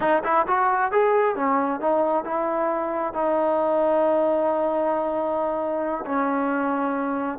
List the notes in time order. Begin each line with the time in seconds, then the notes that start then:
0.00 D#4
0.23 E4
0.47 F#4
0.91 G#4
1.35 C#4
1.80 D#4
2.24 E4
3.13 D#4
6.05 C#4